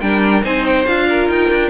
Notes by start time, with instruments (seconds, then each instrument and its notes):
0.00 cello G3, viola D4, violin A#4 G5
0.43 cello C4, viola D#4, violin C5 G#5
0.65 violin G5
0.86 cello D4, viola F4, violin F5
1.09 violin A#4
1.28 cello D#4, violin G5
1.50 cello D4